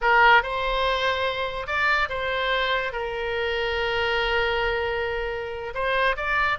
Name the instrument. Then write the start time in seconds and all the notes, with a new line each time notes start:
oboe
0.01 A#4
0.42 C5
1.66 D5
2.09 C5
2.92 A#4
5.74 C5
6.16 D5